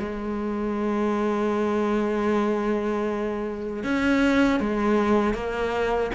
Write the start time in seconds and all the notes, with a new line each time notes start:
0.00 G#3
3.84 C#4
4.60 G#3
5.34 A#3